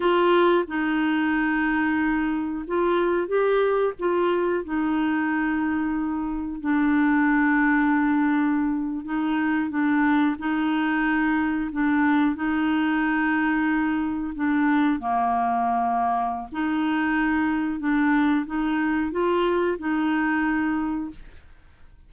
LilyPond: \new Staff \with { instrumentName = "clarinet" } { \time 4/4 \tempo 4 = 91 f'4 dis'2. | f'4 g'4 f'4 dis'4~ | dis'2 d'2~ | d'4.~ d'16 dis'4 d'4 dis'16~ |
dis'4.~ dis'16 d'4 dis'4~ dis'16~ | dis'4.~ dis'16 d'4 ais4~ ais16~ | ais4 dis'2 d'4 | dis'4 f'4 dis'2 | }